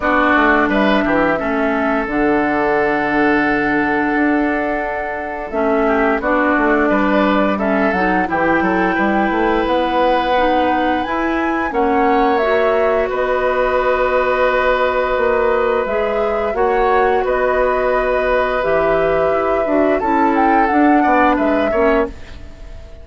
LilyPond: <<
  \new Staff \with { instrumentName = "flute" } { \time 4/4 \tempo 4 = 87 d''4 e''2 fis''4~ | fis''1 | e''4 d''2 e''8 fis''8 | g''2 fis''2 |
gis''4 fis''4 e''4 dis''4~ | dis''2. e''4 | fis''4 dis''2 e''4~ | e''4 a''8 g''8 fis''4 e''4 | }
  \new Staff \with { instrumentName = "oboe" } { \time 4/4 fis'4 b'8 g'8 a'2~ | a'1~ | a'8 g'8 fis'4 b'4 a'4 | g'8 a'8 b'2.~ |
b'4 cis''2 b'4~ | b'1 | cis''4 b'2.~ | b'4 a'4. d''8 b'8 cis''8 | }
  \new Staff \with { instrumentName = "clarinet" } { \time 4/4 d'2 cis'4 d'4~ | d'1 | cis'4 d'2 cis'8 dis'8 | e'2. dis'4 |
e'4 cis'4 fis'2~ | fis'2. gis'4 | fis'2. g'4~ | g'8 fis'8 e'4 d'4. cis'8 | }
  \new Staff \with { instrumentName = "bassoon" } { \time 4/4 b8 a8 g8 e8 a4 d4~ | d2 d'2 | a4 b8 a8 g4. fis8 | e8 fis8 g8 a8 b2 |
e'4 ais2 b4~ | b2 ais4 gis4 | ais4 b2 e4 | e'8 d'8 cis'4 d'8 b8 gis8 ais8 | }
>>